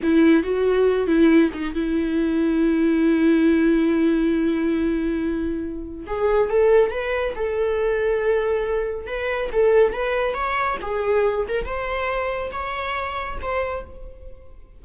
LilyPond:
\new Staff \with { instrumentName = "viola" } { \time 4/4 \tempo 4 = 139 e'4 fis'4. e'4 dis'8 | e'1~ | e'1~ | e'2 gis'4 a'4 |
b'4 a'2.~ | a'4 b'4 a'4 b'4 | cis''4 gis'4. ais'8 c''4~ | c''4 cis''2 c''4 | }